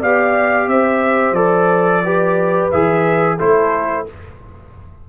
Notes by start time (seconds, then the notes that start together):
0.00 B3 G4 D5 F5
0.68 C4 C5 E5
1.32 F3 A4 D5
2.04 G4 B4
2.72 E3 G#4 E5
3.37 A3 E4 A4 C5